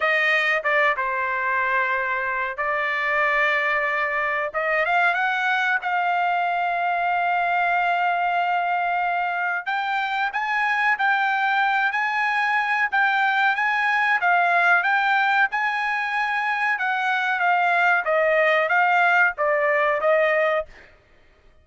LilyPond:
\new Staff \with { instrumentName = "trumpet" } { \time 4/4 \tempo 4 = 93 dis''4 d''8 c''2~ c''8 | d''2. dis''8 f''8 | fis''4 f''2.~ | f''2. g''4 |
gis''4 g''4. gis''4. | g''4 gis''4 f''4 g''4 | gis''2 fis''4 f''4 | dis''4 f''4 d''4 dis''4 | }